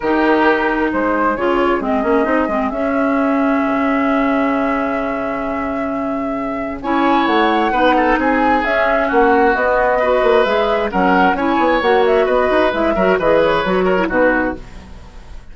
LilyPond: <<
  \new Staff \with { instrumentName = "flute" } { \time 4/4 \tempo 4 = 132 ais'2 c''4 cis''4 | dis''2 e''2~ | e''1~ | e''2. gis''4 |
fis''2 gis''4 e''4 | fis''4 dis''2 e''4 | fis''4 gis''4 fis''8 e''8 dis''4 | e''4 dis''8 cis''4. b'4 | }
  \new Staff \with { instrumentName = "oboe" } { \time 4/4 g'2 gis'2~ | gis'1~ | gis'1~ | gis'2. cis''4~ |
cis''4 b'8 a'8 gis'2 | fis'2 b'2 | ais'4 cis''2 b'4~ | b'8 ais'8 b'4. ais'8 fis'4 | }
  \new Staff \with { instrumentName = "clarinet" } { \time 4/4 dis'2. f'4 | c'8 cis'8 dis'8 c'8 cis'2~ | cis'1~ | cis'2. e'4~ |
e'4 dis'2 cis'4~ | cis'4 b4 fis'4 gis'4 | cis'4 e'4 fis'2 | e'8 fis'8 gis'4 fis'8. e'16 dis'4 | }
  \new Staff \with { instrumentName = "bassoon" } { \time 4/4 dis2 gis4 cis4 | gis8 ais8 c'8 gis8 cis'2 | cis1~ | cis2. cis'4 |
a4 b4 c'4 cis'4 | ais4 b4. ais8 gis4 | fis4 cis'8 b8 ais4 b8 dis'8 | gis8 fis8 e4 fis4 b,4 | }
>>